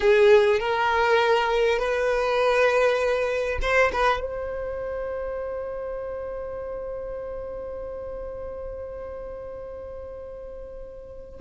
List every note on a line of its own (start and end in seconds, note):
0.00 0.59 G#4
0.59 1.78 A#4
1.78 3.58 B4
3.61 3.91 C5
3.92 4.20 B4
4.20 11.40 C5